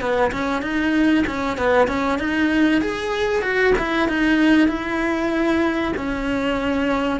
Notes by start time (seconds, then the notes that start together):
0.00 B3
0.32 C#4
0.62 D#4
1.26 C#4
1.57 B3
1.87 C#4
2.18 D#4
2.81 G#4
3.42 F#4
3.78 E4
4.08 D#4
4.67 E4
5.96 C#4